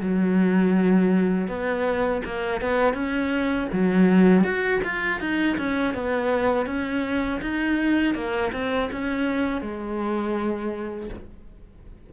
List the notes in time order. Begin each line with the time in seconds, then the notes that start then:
0.00 F#3
1.48 B3
2.25 A#3
2.61 B3
2.94 C#4
3.72 F#3
4.44 F#4
4.84 F4
5.20 D#4
5.57 C#4
5.94 B3
6.66 C#4
7.41 D#4
8.15 A#3
8.53 C4
8.92 C#4
9.61 G#3